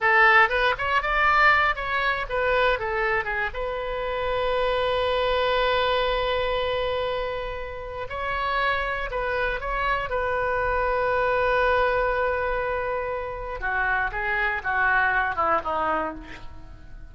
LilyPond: \new Staff \with { instrumentName = "oboe" } { \time 4/4 \tempo 4 = 119 a'4 b'8 cis''8 d''4. cis''8~ | cis''8 b'4 a'4 gis'8 b'4~ | b'1~ | b'1 |
cis''2 b'4 cis''4 | b'1~ | b'2. fis'4 | gis'4 fis'4. e'8 dis'4 | }